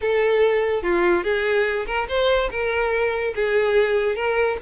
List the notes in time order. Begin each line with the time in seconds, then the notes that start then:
0.01 A4
0.82 F4
1.23 G#4
1.86 A#4
2.08 C5
2.50 A#4
3.35 G#4
4.15 A#4